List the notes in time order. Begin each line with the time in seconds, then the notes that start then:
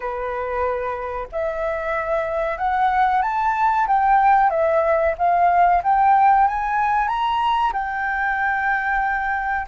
0.00 B4
1.32 E5
2.57 F#5
3.22 A5
3.87 G5
4.50 E5
5.18 F5
5.83 G5
6.47 G#5
7.08 A#5
7.72 G5